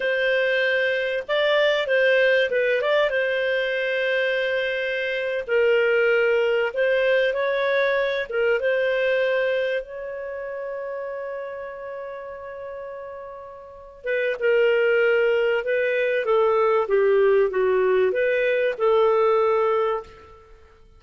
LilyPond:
\new Staff \with { instrumentName = "clarinet" } { \time 4/4 \tempo 4 = 96 c''2 d''4 c''4 | b'8 d''8 c''2.~ | c''8. ais'2 c''4 cis''16~ | cis''4~ cis''16 ais'8 c''2 cis''16~ |
cis''1~ | cis''2~ cis''8 b'8 ais'4~ | ais'4 b'4 a'4 g'4 | fis'4 b'4 a'2 | }